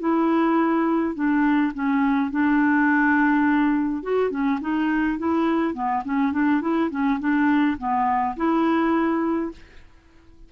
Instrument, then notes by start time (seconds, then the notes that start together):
clarinet
0.00 E4
1.15 D4
1.74 C#4
2.31 D4
4.03 F#4
4.31 C#4
4.61 D#4
5.19 E4
5.74 B3
6.05 C#4
6.33 D4
6.61 E4
6.91 C#4
7.20 D4
7.78 B3
8.37 E4